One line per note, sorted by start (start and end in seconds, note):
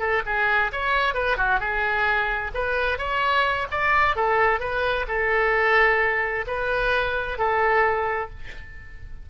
0.00 0.23 A4
0.26 0.72 G#4
0.73 1.15 C#5
1.15 1.38 B4
1.38 1.60 F#4
1.60 2.52 G#4
2.55 2.99 B4
2.99 3.67 C#5
3.71 4.17 D5
4.17 4.60 A4
4.60 5.06 B4
5.08 6.46 A4
6.48 7.39 B4
7.39 8.30 A4